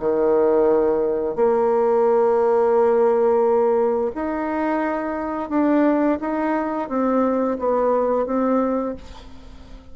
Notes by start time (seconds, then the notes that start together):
0.00 D#3
1.36 A#3
4.15 D#4
5.50 D4
6.21 D#4
6.89 C4
7.59 B3
8.26 C4